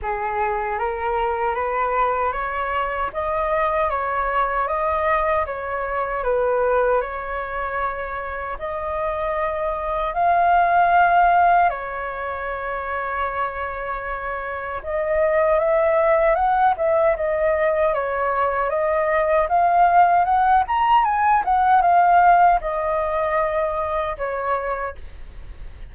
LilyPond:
\new Staff \with { instrumentName = "flute" } { \time 4/4 \tempo 4 = 77 gis'4 ais'4 b'4 cis''4 | dis''4 cis''4 dis''4 cis''4 | b'4 cis''2 dis''4~ | dis''4 f''2 cis''4~ |
cis''2. dis''4 | e''4 fis''8 e''8 dis''4 cis''4 | dis''4 f''4 fis''8 ais''8 gis''8 fis''8 | f''4 dis''2 cis''4 | }